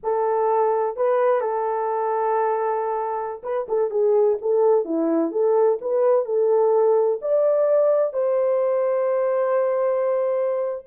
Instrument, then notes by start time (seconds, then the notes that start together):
horn
0.03 A4
0.96 B4
1.40 A4
3.43 B4
3.68 A4
3.90 G#4
4.41 A4
4.84 E4
5.31 A4
5.81 B4
6.25 A4
7.21 D5
8.13 C5